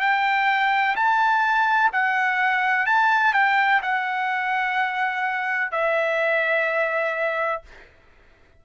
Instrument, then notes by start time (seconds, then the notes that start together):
trumpet
0.00 G5
0.96 A5
1.92 F#5
2.86 A5
3.33 G5
3.82 F#5
5.71 E5